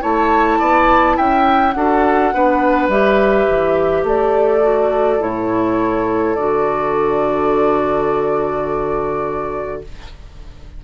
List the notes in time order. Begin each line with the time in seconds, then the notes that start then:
0.00 A3 E4 C#5 A5
0.59 B3 D5
1.17 C#4 E5 G5
1.72 D4 F#4 A4 F#5
2.33 B3 D4 B4
2.88 G3 G4 E5
3.49 E3
4.03 A3 A4 D5
4.62 F#4
5.19 A2 E4 C#5
6.35 D3 F#4 D5